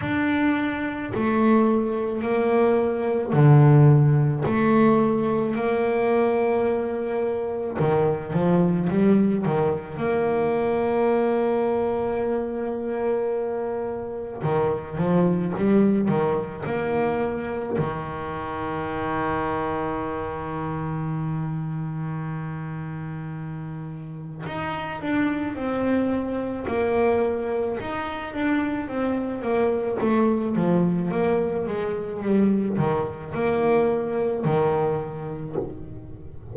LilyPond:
\new Staff \with { instrumentName = "double bass" } { \time 4/4 \tempo 4 = 54 d'4 a4 ais4 d4 | a4 ais2 dis8 f8 | g8 dis8 ais2.~ | ais4 dis8 f8 g8 dis8 ais4 |
dis1~ | dis2 dis'8 d'8 c'4 | ais4 dis'8 d'8 c'8 ais8 a8 f8 | ais8 gis8 g8 dis8 ais4 dis4 | }